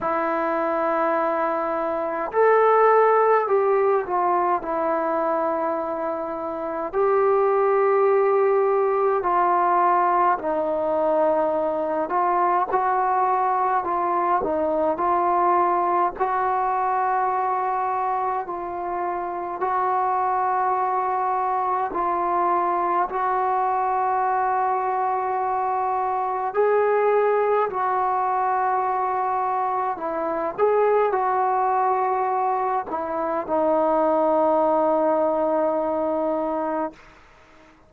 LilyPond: \new Staff \with { instrumentName = "trombone" } { \time 4/4 \tempo 4 = 52 e'2 a'4 g'8 f'8 | e'2 g'2 | f'4 dis'4. f'8 fis'4 | f'8 dis'8 f'4 fis'2 |
f'4 fis'2 f'4 | fis'2. gis'4 | fis'2 e'8 gis'8 fis'4~ | fis'8 e'8 dis'2. | }